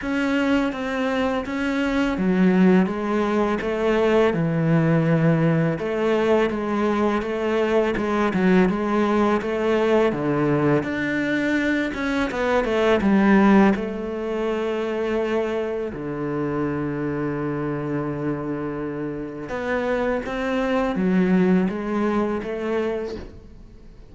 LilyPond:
\new Staff \with { instrumentName = "cello" } { \time 4/4 \tempo 4 = 83 cis'4 c'4 cis'4 fis4 | gis4 a4 e2 | a4 gis4 a4 gis8 fis8 | gis4 a4 d4 d'4~ |
d'8 cis'8 b8 a8 g4 a4~ | a2 d2~ | d2. b4 | c'4 fis4 gis4 a4 | }